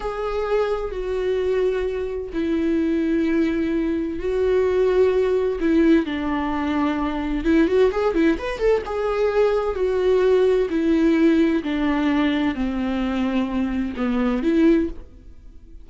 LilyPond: \new Staff \with { instrumentName = "viola" } { \time 4/4 \tempo 4 = 129 gis'2 fis'2~ | fis'4 e'2.~ | e'4 fis'2. | e'4 d'2. |
e'8 fis'8 gis'8 e'8 b'8 a'8 gis'4~ | gis'4 fis'2 e'4~ | e'4 d'2 c'4~ | c'2 b4 e'4 | }